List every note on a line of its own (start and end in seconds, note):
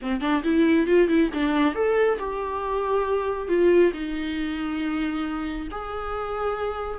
0.01 0.21 C4
0.21 0.42 D4
0.43 0.86 E4
0.86 1.07 F4
1.07 1.29 E4
1.33 1.74 D4
1.74 2.18 A4
2.19 3.48 G4
3.48 3.92 F4
3.93 5.68 D#4
5.71 6.99 G#4